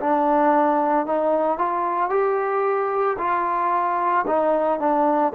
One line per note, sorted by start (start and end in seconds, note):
0.00 1.06 D4
1.06 1.58 D#4
1.58 2.10 F4
2.10 3.17 G4
3.18 4.25 F4
4.27 4.79 D#4
4.79 5.33 D4